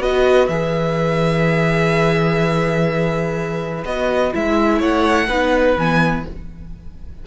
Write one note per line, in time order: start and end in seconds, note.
0.00 0.48 B3
0.00 0.49 F#4
0.00 4.79 B4
0.00 0.49 D#5
0.48 3.85 E3
0.48 3.86 G#4
0.48 3.85 E5
3.85 4.33 B3
3.85 4.33 F#4
3.85 4.33 D#5
4.33 4.82 G#3
4.33 5.29 E4
4.33 4.82 E5
4.79 5.28 A3
4.79 5.27 C#5
4.79 5.78 F#5
5.28 5.76 B3
5.28 5.77 D#4
5.28 6.25 B4
5.78 6.26 E3
5.78 6.27 B3
5.78 6.26 G#5